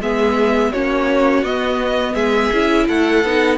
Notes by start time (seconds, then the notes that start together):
0.00 G#3 B3 G#4 E5
0.72 A#3 C#4 F#4 C#5
1.43 B3 D#5
2.15 G#3 G#4 E5
2.53 C#4 E4
2.88 A3 A4 F#5
3.24 B3 D#4